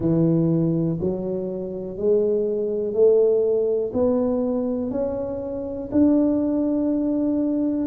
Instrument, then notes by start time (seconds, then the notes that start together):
tuba
0.00 E3
1.00 F#3
1.97 G#3
2.93 A3
3.93 B3
4.90 C#4
5.91 D4